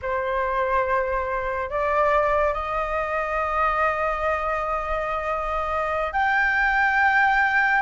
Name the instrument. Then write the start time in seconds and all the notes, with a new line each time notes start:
flute
0.02 C5
1.69 D5
2.53 D#5
6.12 G5